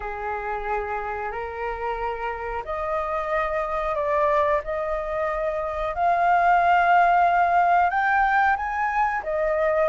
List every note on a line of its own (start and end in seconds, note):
0.00 1.31 G#4
1.31 2.63 A#4
2.64 3.95 D#5
3.95 4.61 D5
4.63 5.94 D#5
5.94 7.89 F5
7.89 8.55 G5
8.56 9.22 G#5
9.23 9.88 D#5